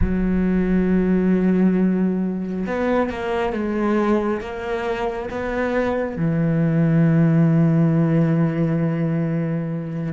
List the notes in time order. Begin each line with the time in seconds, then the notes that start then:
0.01 F#3
2.66 B3
3.09 A#3
3.53 G#3
4.40 A#3
5.30 B3
6.16 E3